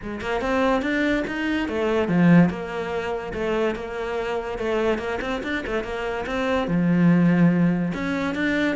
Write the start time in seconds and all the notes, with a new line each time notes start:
0.02 G#3
0.21 A#3
0.41 C4
0.82 D4
1.27 D#4
1.68 A3
2.08 F3
2.49 A#3
3.33 A3
3.75 A#3
4.58 A3
4.98 A#3
5.21 C4
5.43 D4
5.66 A3
5.83 A#3
6.26 C4
6.67 F3
7.94 C#4
8.34 D4